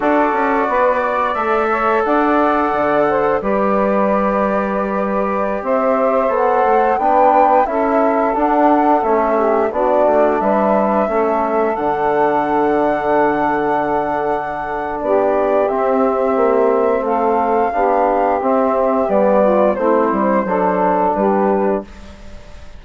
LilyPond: <<
  \new Staff \with { instrumentName = "flute" } { \time 4/4 \tempo 4 = 88 d''2 e''4 fis''4~ | fis''4 d''2.~ | d''16 e''4 fis''4 g''4 e''8.~ | e''16 fis''4 e''4 d''4 e''8.~ |
e''4~ e''16 fis''2~ fis''8.~ | fis''2 d''4 e''4~ | e''4 f''2 e''4 | d''4 c''2 b'4 | }
  \new Staff \with { instrumentName = "saxophone" } { \time 4/4 a'4 b'8 d''4 cis''8 d''4~ | d''8 c''8 b'2.~ | b'16 c''2 b'4 a'8.~ | a'4.~ a'16 g'8 fis'4 b'8.~ |
b'16 a'2.~ a'8.~ | a'2 g'2~ | g'4 a'4 g'2~ | g'8 f'8 e'4 a'4 g'4 | }
  \new Staff \with { instrumentName = "trombone" } { \time 4/4 fis'2 a'2~ | a'4 g'2.~ | g'4~ g'16 a'4 d'4 e'8.~ | e'16 d'4 cis'4 d'4.~ d'16~ |
d'16 cis'4 d'2~ d'8.~ | d'2. c'4~ | c'2 d'4 c'4 | b4 c'4 d'2 | }
  \new Staff \with { instrumentName = "bassoon" } { \time 4/4 d'8 cis'8 b4 a4 d'4 | d4 g2.~ | g16 c'4 b8 a8 b4 cis'8.~ | cis'16 d'4 a4 b8 a8 g8.~ |
g16 a4 d2~ d8.~ | d2 b4 c'4 | ais4 a4 b4 c'4 | g4 a8 g8 fis4 g4 | }
>>